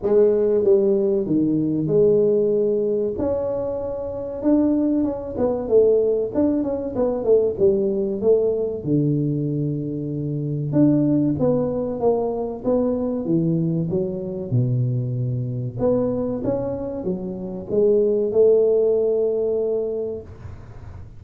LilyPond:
\new Staff \with { instrumentName = "tuba" } { \time 4/4 \tempo 4 = 95 gis4 g4 dis4 gis4~ | gis4 cis'2 d'4 | cis'8 b8 a4 d'8 cis'8 b8 a8 | g4 a4 d2~ |
d4 d'4 b4 ais4 | b4 e4 fis4 b,4~ | b,4 b4 cis'4 fis4 | gis4 a2. | }